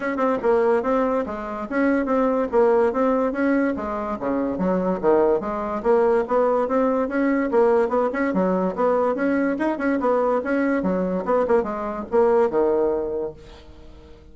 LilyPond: \new Staff \with { instrumentName = "bassoon" } { \time 4/4 \tempo 4 = 144 cis'8 c'8 ais4 c'4 gis4 | cis'4 c'4 ais4 c'4 | cis'4 gis4 cis4 fis4 | dis4 gis4 ais4 b4 |
c'4 cis'4 ais4 b8 cis'8 | fis4 b4 cis'4 dis'8 cis'8 | b4 cis'4 fis4 b8 ais8 | gis4 ais4 dis2 | }